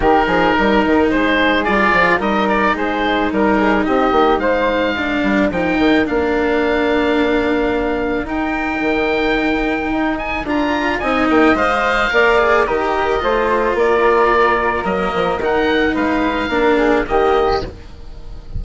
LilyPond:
<<
  \new Staff \with { instrumentName = "oboe" } { \time 4/4 \tempo 4 = 109 ais'2 c''4 d''4 | dis''8 d''8 c''4 ais'4 dis''4 | f''2 g''4 f''4~ | f''2. g''4~ |
g''2~ g''8 gis''8 ais''4 | gis''8 g''8 f''2 dis''4~ | dis''4 d''2 dis''4 | fis''4 f''2 dis''4 | }
  \new Staff \with { instrumentName = "flute" } { \time 4/4 g'8 gis'8 ais'4 gis'2 | ais'4 gis'4 ais'8 gis'8 g'4 | c''4 ais'2.~ | ais'1~ |
ais'1 | dis''2 d''4 ais'4 | c''4 ais'2.~ | ais'4 b'4 ais'8 gis'8 g'4 | }
  \new Staff \with { instrumentName = "cello" } { \time 4/4 dis'2. f'4 | dis'1~ | dis'4 d'4 dis'4 d'4~ | d'2. dis'4~ |
dis'2. f'4 | dis'4 c''4 ais'8 gis'8 g'4 | f'2. ais4 | dis'2 d'4 ais4 | }
  \new Staff \with { instrumentName = "bassoon" } { \time 4/4 dis8 f8 g8 dis8 gis4 g8 f8 | g4 gis4 g4 c'8 ais8 | gis4. g8 f8 dis8 ais4~ | ais2. dis'4 |
dis2 dis'4 d'4 | c'8 ais8 gis4 ais4 dis4 | a4 ais2 fis8 f8 | dis4 gis4 ais4 dis4 | }
>>